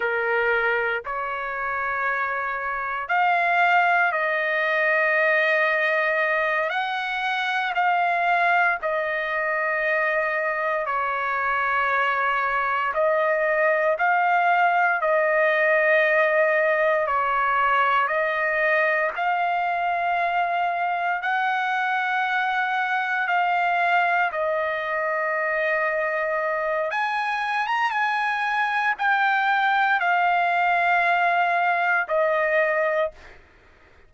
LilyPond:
\new Staff \with { instrumentName = "trumpet" } { \time 4/4 \tempo 4 = 58 ais'4 cis''2 f''4 | dis''2~ dis''8 fis''4 f''8~ | f''8 dis''2 cis''4.~ | cis''8 dis''4 f''4 dis''4.~ |
dis''8 cis''4 dis''4 f''4.~ | f''8 fis''2 f''4 dis''8~ | dis''2 gis''8. ais''16 gis''4 | g''4 f''2 dis''4 | }